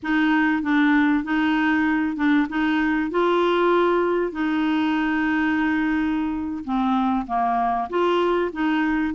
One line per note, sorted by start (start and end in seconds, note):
0.03 0.62 D#4
0.62 1.23 D4
1.23 2.16 D#4
2.16 2.47 D4
2.49 3.10 D#4
3.10 4.32 F4
4.32 6.64 D#4
6.64 7.26 C4
7.27 7.88 A#3
7.89 8.51 F4
8.52 9.14 D#4